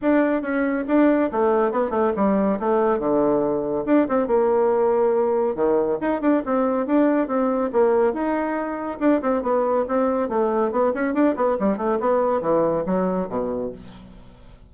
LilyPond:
\new Staff \with { instrumentName = "bassoon" } { \time 4/4 \tempo 4 = 140 d'4 cis'4 d'4 a4 | b8 a8 g4 a4 d4~ | d4 d'8 c'8 ais2~ | ais4 dis4 dis'8 d'8 c'4 |
d'4 c'4 ais4 dis'4~ | dis'4 d'8 c'8 b4 c'4 | a4 b8 cis'8 d'8 b8 g8 a8 | b4 e4 fis4 b,4 | }